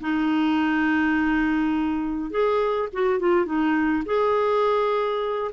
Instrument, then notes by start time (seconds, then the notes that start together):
clarinet
0.00 D#4
2.30 G#4
2.92 F#4
3.19 F4
3.45 D#4
4.05 G#4